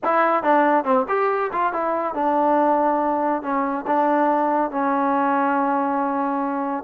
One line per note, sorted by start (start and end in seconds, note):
0.04 0.43 E4
0.43 0.84 D4
0.84 1.05 C4
1.08 1.51 G4
1.52 1.72 F4
1.72 2.14 E4
2.14 3.42 D4
3.42 3.85 C#4
3.86 4.70 D4
4.70 6.84 C#4